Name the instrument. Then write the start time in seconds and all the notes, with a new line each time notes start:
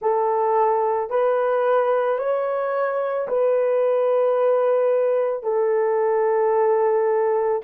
horn
0.01 A4
1.10 B4
2.18 C#5
3.27 B4
5.43 A4